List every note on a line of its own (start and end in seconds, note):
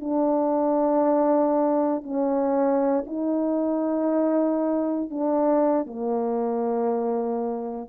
0.00 2.02 D4
2.02 3.04 C#4
3.06 5.10 D#4
5.10 5.86 D4
5.86 7.88 A#3